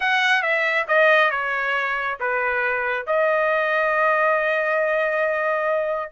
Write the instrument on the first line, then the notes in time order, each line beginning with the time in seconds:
trumpet
0.00 F#5
0.42 E5
0.87 D#5
1.31 C#5
2.20 B4
3.06 D#5